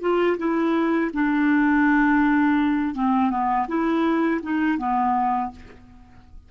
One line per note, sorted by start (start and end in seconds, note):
0.00 0.37 F4
0.37 1.10 E4
1.13 2.94 D4
2.94 3.30 C4
3.30 3.66 B3
3.67 4.40 E4
4.42 4.77 D#4
4.77 5.50 B3